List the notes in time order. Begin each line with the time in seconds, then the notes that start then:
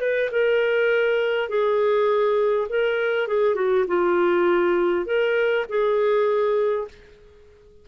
0.00 B4
0.31 A#4
1.49 G#4
2.69 A#4
3.27 G#4
3.55 F#4
3.87 F4
5.06 A#4
5.69 G#4